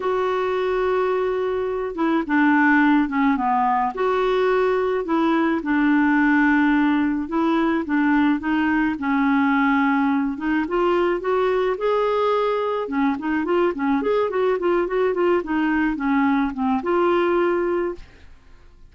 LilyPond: \new Staff \with { instrumentName = "clarinet" } { \time 4/4 \tempo 4 = 107 fis'2.~ fis'8 e'8 | d'4. cis'8 b4 fis'4~ | fis'4 e'4 d'2~ | d'4 e'4 d'4 dis'4 |
cis'2~ cis'8 dis'8 f'4 | fis'4 gis'2 cis'8 dis'8 | f'8 cis'8 gis'8 fis'8 f'8 fis'8 f'8 dis'8~ | dis'8 cis'4 c'8 f'2 | }